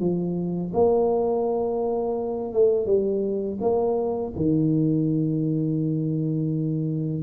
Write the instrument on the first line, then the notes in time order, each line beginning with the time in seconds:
tuba
0.00 F3
0.74 A#3
2.53 A3
2.86 G3
3.61 A#3
4.36 D#3